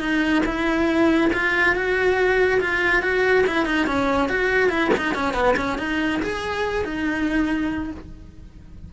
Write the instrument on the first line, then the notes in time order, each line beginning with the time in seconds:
cello
0.00 D#4
0.46 E4
1.33 F4
1.75 F#4
2.61 F4
3.02 F#4
3.47 E4
3.66 D#4
3.87 C#4
4.29 F#4
4.69 E4
4.97 D#4
5.15 C#4
5.34 B3
5.57 C#4
5.78 D#4
6.23 G#4
6.85 D#4